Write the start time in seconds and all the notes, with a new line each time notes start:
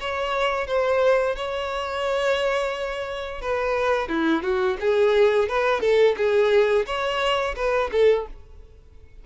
0.00 C#5
0.67 C5
1.36 C#5
3.41 B4
4.08 E4
4.43 F#4
4.80 G#4
5.48 B4
5.81 A4
6.17 G#4
6.86 C#5
7.55 B4
7.92 A4